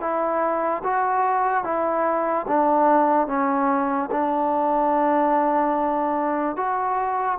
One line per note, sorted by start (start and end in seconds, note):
0.00 0.82 E4
0.83 1.64 F#4
1.64 2.46 E4
2.47 3.27 D4
3.27 4.09 C#4
4.11 6.56 D4
6.56 7.38 F#4